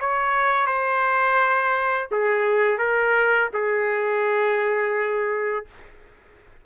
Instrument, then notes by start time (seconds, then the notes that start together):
trumpet
0.00 C#5
0.67 C5
2.11 G#4
2.78 A#4
3.54 G#4